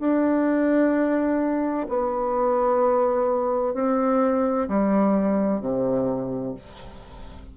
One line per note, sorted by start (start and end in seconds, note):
0.00 1.87 D4
1.89 3.75 B3
3.75 4.68 C4
4.69 5.61 G3
5.61 6.55 C3